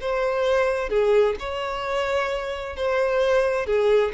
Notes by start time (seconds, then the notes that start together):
0.00 C5
0.89 G#4
1.39 C#5
2.76 C5
3.66 G#4